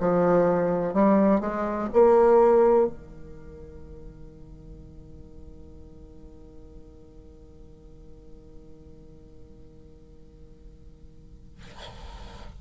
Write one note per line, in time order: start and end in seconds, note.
0.00 0.94 F3
0.94 1.40 G3
1.40 1.89 G#3
1.93 2.87 A#3
2.87 11.58 D#3